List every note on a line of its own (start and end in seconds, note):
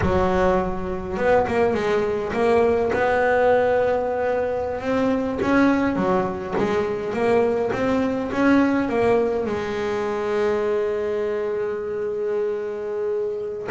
0.01 1.17 F#3
1.17 1.46 B3
1.47 1.73 A#3
1.73 2.32 G#3
2.32 2.91 A#3
2.93 4.81 B3
4.81 5.39 C4
5.41 5.96 C#4
5.96 6.54 F#3
6.57 7.13 G#3
7.13 7.71 A#3
7.72 8.31 C4
8.32 8.88 C#4
8.88 9.46 A#3
9.46 13.68 G#3